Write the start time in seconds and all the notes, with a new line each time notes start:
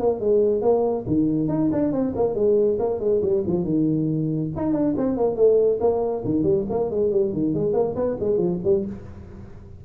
0.00 A#3
0.20 G#3
0.62 A#3
1.07 D#3
1.49 D#4
1.72 D4
1.93 C4
2.16 A#3
2.35 G#3
2.80 A#3
3.00 G#3
3.22 G3
3.47 F3
3.65 D#3
4.56 D#4
4.73 D4
4.98 C4
5.17 A#3
5.36 A3
5.81 A#3
6.25 D#3
6.44 G3
6.70 A#3
6.91 G#3
7.11 G3
7.33 D#3
7.54 G#3
7.74 A#3
7.96 B3
8.21 G#3
8.38 F3
8.64 G3